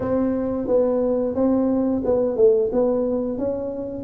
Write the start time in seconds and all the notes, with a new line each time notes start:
0.00 C4
0.67 B3
1.35 C4
2.04 B3
2.36 A3
2.72 B3
3.37 C#4